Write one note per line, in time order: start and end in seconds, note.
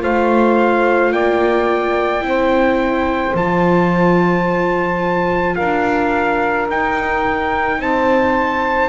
0.00 1.12 A3
0.00 2.21 F4
0.00 1.13 C5
0.00 1.12 F5
1.12 2.22 A#3
1.12 2.24 D5
1.12 3.35 G5
2.21 3.33 C4
2.21 3.32 E4
2.28 5.56 C5
3.34 5.56 F3
3.34 6.69 F4
3.34 5.56 A5
5.56 6.69 D4
5.56 7.78 A#4
5.56 6.67 F5
6.69 7.78 D#4
6.69 8.89 D#4
6.69 7.81 G5
7.78 8.89 C4
7.78 8.89 C5
7.78 8.89 A5